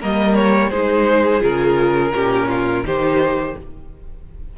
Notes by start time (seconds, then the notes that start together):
0.00 G3 A#3 A#4 D#5
0.35 C#5
0.70 G#3 D#4 G#4 C5
1.40 C#3 F4 A#4
2.12 A#2 C#4 G4
2.49 F4
2.83 D#3 D#4 G4 C5